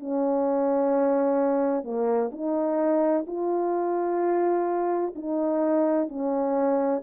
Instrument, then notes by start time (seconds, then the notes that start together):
horn
0.00 C#4
1.84 A#3
2.32 D#4
3.27 F4
5.16 D#4
6.09 C#4